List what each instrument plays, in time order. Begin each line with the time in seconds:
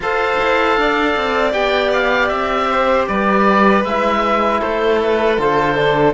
0.00 cello F4, trombone A4, violin C5, oboe F5
0.40 cello E4
0.77 cello D4, violin D5
1.16 cello C4
1.52 cello B3, trombone G4, oboe G5
1.93 oboe F5
2.28 cello C4, oboe E5
2.70 violin C5
3.07 cello G3, violin B4, oboe D5
3.83 cello G#3, trombone E4, oboe E5
4.60 cello A3, violin A4, oboe C5
5.02 oboe B4
5.38 cello D3, trombone F4, oboe C5
5.76 trombone D4